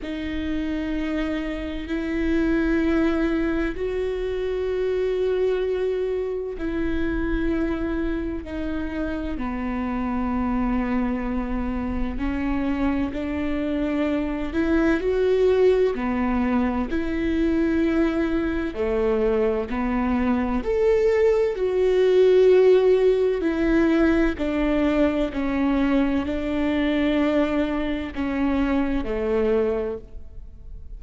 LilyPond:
\new Staff \with { instrumentName = "viola" } { \time 4/4 \tempo 4 = 64 dis'2 e'2 | fis'2. e'4~ | e'4 dis'4 b2~ | b4 cis'4 d'4. e'8 |
fis'4 b4 e'2 | a4 b4 a'4 fis'4~ | fis'4 e'4 d'4 cis'4 | d'2 cis'4 a4 | }